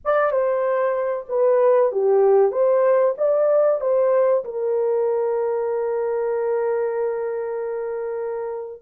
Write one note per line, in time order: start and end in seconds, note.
0.04 0.31 D5
0.31 1.25 C5
1.28 1.91 B4
1.91 2.51 G4
2.51 3.14 C5
3.17 3.80 D5
3.80 4.44 C5
4.44 8.82 A#4